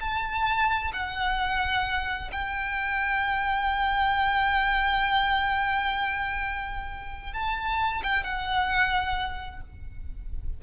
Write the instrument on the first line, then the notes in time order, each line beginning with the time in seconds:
violin
0.00 A5
0.93 F#5
2.32 G5
7.33 A5
8.03 G5
8.23 F#5